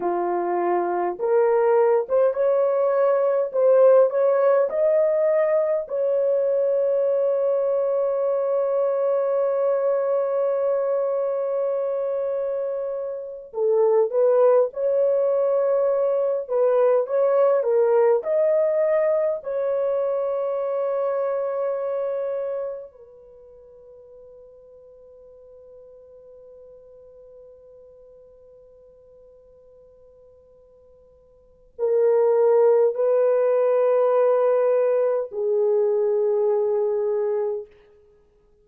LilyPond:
\new Staff \with { instrumentName = "horn" } { \time 4/4 \tempo 4 = 51 f'4 ais'8. c''16 cis''4 c''8 cis''8 | dis''4 cis''2.~ | cis''2.~ cis''8 a'8 | b'8 cis''4. b'8 cis''8 ais'8 dis''8~ |
dis''8 cis''2. b'8~ | b'1~ | b'2. ais'4 | b'2 gis'2 | }